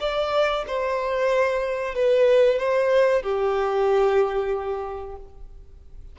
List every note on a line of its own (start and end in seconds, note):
0.00 0.65 D5
0.67 1.94 C5
1.94 2.59 B4
2.59 3.22 C5
3.22 5.16 G4